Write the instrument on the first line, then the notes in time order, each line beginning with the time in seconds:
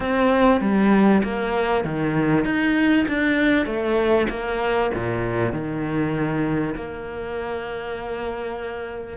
cello
0.00 C4
0.61 G3
1.23 A#3
1.84 D#3
2.44 D#4
3.08 D4
3.66 A3
4.29 A#3
4.94 A#2
5.52 D#3
6.75 A#3